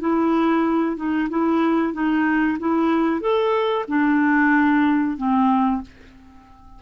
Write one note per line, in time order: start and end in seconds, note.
0.00 0.96 E4
0.96 1.28 D#4
1.30 1.93 E4
1.93 2.57 D#4
2.59 3.21 E4
3.21 3.85 A4
3.88 5.17 D4
5.17 5.82 C4